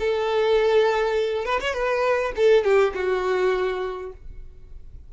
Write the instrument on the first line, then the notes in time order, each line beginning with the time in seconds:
violin
0.00 A4
1.46 B4
1.61 C#5
1.74 B4
2.37 A4
2.65 G4
2.95 F#4